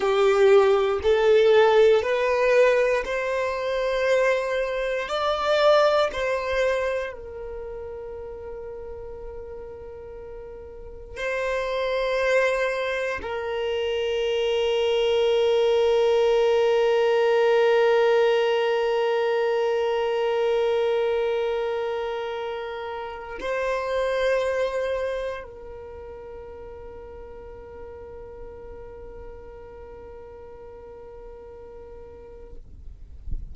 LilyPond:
\new Staff \with { instrumentName = "violin" } { \time 4/4 \tempo 4 = 59 g'4 a'4 b'4 c''4~ | c''4 d''4 c''4 ais'4~ | ais'2. c''4~ | c''4 ais'2.~ |
ais'1~ | ais'2. c''4~ | c''4 ais'2.~ | ais'1 | }